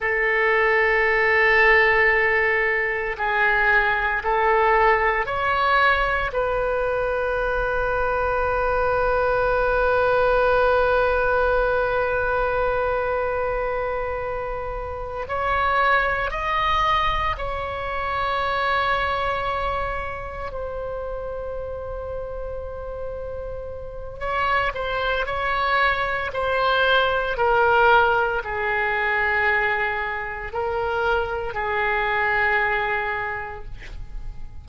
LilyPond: \new Staff \with { instrumentName = "oboe" } { \time 4/4 \tempo 4 = 57 a'2. gis'4 | a'4 cis''4 b'2~ | b'1~ | b'2~ b'8 cis''4 dis''8~ |
dis''8 cis''2. c''8~ | c''2. cis''8 c''8 | cis''4 c''4 ais'4 gis'4~ | gis'4 ais'4 gis'2 | }